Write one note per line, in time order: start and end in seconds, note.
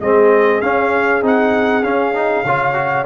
0.00 0.61 G#3
0.00 0.62 C4
0.00 2.46 G#4
0.00 0.61 D#5
0.61 1.23 C#4
0.61 1.22 C#4
0.61 1.22 F5
1.22 1.83 C4
1.22 1.83 D#4
1.22 1.83 F#5
1.83 2.14 C#4
1.83 2.44 C#4
1.83 3.06 F5
2.14 2.45 D#4
2.44 3.05 C#3
2.44 2.74 F4
2.44 3.06 C#5
2.74 3.05 F#4